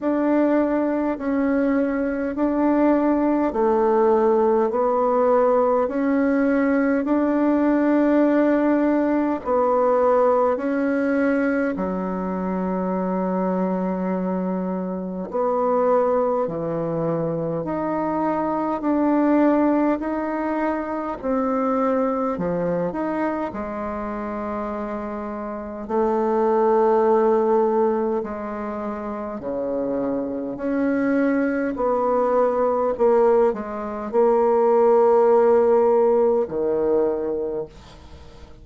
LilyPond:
\new Staff \with { instrumentName = "bassoon" } { \time 4/4 \tempo 4 = 51 d'4 cis'4 d'4 a4 | b4 cis'4 d'2 | b4 cis'4 fis2~ | fis4 b4 e4 dis'4 |
d'4 dis'4 c'4 f8 dis'8 | gis2 a2 | gis4 cis4 cis'4 b4 | ais8 gis8 ais2 dis4 | }